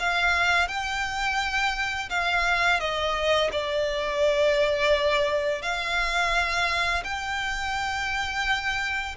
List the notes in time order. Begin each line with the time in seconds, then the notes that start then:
0.00 F5
0.68 G5
2.10 F5
2.80 D#5
3.52 D5
5.62 F5
7.04 G5